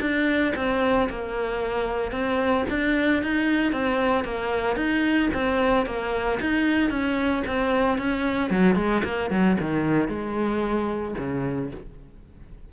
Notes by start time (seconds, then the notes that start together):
0.00 D4
0.55 C4
1.09 A#3
2.11 C4
2.69 D4
3.22 D#4
3.72 C4
4.24 A#3
4.76 D#4
5.33 C4
5.86 A#3
6.40 D#4
6.90 C#4
7.46 C4
7.97 C#4
8.50 F#3
8.75 G#3
9.04 A#3
9.30 F#3
9.60 D#3
10.08 G#3
11.17 C#3